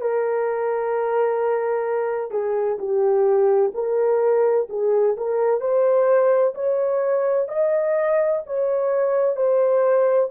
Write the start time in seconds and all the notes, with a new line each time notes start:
0.00 A#4
2.31 G#4
2.78 G4
3.74 A#4
4.69 G#4
5.16 A#4
5.60 C5
6.55 C#5
7.48 D#5
8.46 C#5
9.36 C5